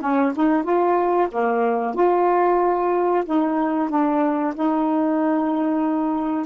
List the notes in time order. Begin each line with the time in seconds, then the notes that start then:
0.00 C#4
0.35 D#4
0.63 F4
1.31 A#3
1.94 F4
3.25 D#4
3.89 D4
4.54 D#4